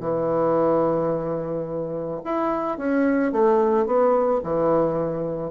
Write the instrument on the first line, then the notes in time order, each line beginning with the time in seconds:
bassoon
0.00 E3
2.24 E4
2.78 C#4
3.32 A3
3.86 B3
4.43 E3